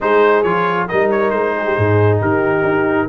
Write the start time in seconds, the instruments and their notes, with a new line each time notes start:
0.00 tuba G#3, trombone D#4, horn G#4, trumpet C5
0.43 tuba F3, trombone F4, trumpet C#5
0.88 tuba G3, trombone D#4, horn A#4, trumpet D#5
1.10 trumpet C#5
1.30 tuba G#3, trumpet C5
1.57 horn G#4
1.65 horn G4
1.76 tuba G#2, horn G#4
2.19 tuba D#3, horn G4, trumpet A#4
2.63 tuba D#4